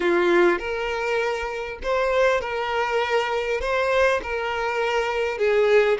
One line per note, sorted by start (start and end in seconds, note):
0.00 0.58 F4
0.58 1.78 A#4
1.82 2.40 C5
2.40 3.60 A#4
3.61 4.21 C5
4.22 5.38 A#4
5.38 5.98 G#4